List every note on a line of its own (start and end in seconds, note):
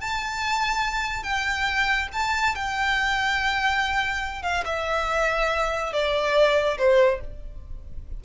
0.00 1.23 A5
1.23 2.08 G5
2.12 2.55 A5
2.55 4.42 G5
4.42 4.64 F5
4.65 5.92 E5
5.92 6.78 D5
6.78 7.20 C5